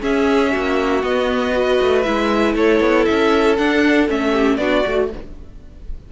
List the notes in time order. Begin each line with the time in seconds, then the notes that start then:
0.00 C#4 G#4 E5
0.52 A#3 F#4
1.02 B3 D#5
1.52 F#4 B4
1.81 A3
2.02 G#3 E4 E5
2.55 A3 A4 C#5
2.80 B3
3.05 C#4 E5
3.57 D4 F#5
4.08 A3 C#4 E5
4.31 G4
4.56 B3 D4 F#4 D5
4.83 A3 F#4